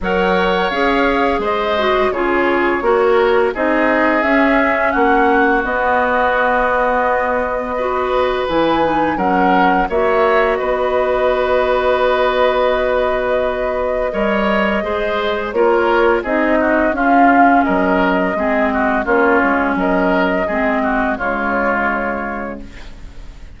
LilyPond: <<
  \new Staff \with { instrumentName = "flute" } { \time 4/4 \tempo 4 = 85 fis''4 f''4 dis''4 cis''4~ | cis''4 dis''4 e''4 fis''4 | dis''1 | gis''4 fis''4 e''4 dis''4~ |
dis''1~ | dis''2 cis''4 dis''4 | f''4 dis''2 cis''4 | dis''2 cis''2 | }
  \new Staff \with { instrumentName = "oboe" } { \time 4/4 cis''2 c''4 gis'4 | ais'4 gis'2 fis'4~ | fis'2. b'4~ | b'4 ais'4 cis''4 b'4~ |
b'1 | cis''4 c''4 ais'4 gis'8 fis'8 | f'4 ais'4 gis'8 fis'8 f'4 | ais'4 gis'8 fis'8 f'2 | }
  \new Staff \with { instrumentName = "clarinet" } { \time 4/4 ais'4 gis'4. fis'8 f'4 | fis'4 dis'4 cis'2 | b2. fis'4 | e'8 dis'8 cis'4 fis'2~ |
fis'1 | ais'4 gis'4 f'4 dis'4 | cis'2 c'4 cis'4~ | cis'4 c'4 gis2 | }
  \new Staff \with { instrumentName = "bassoon" } { \time 4/4 fis4 cis'4 gis4 cis4 | ais4 c'4 cis'4 ais4 | b1 | e4 fis4 ais4 b4~ |
b1 | g4 gis4 ais4 c'4 | cis'4 fis4 gis4 ais8 gis8 | fis4 gis4 cis2 | }
>>